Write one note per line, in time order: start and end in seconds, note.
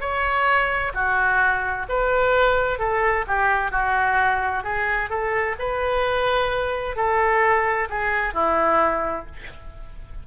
0.00 0.92 C#5
0.94 1.86 F#4
1.89 2.79 B4
2.79 3.25 A4
3.27 3.71 G4
3.71 4.63 F#4
4.63 5.09 G#4
5.09 5.56 A4
5.58 6.96 B4
6.96 7.88 A4
7.89 8.34 G#4
8.34 9.26 E4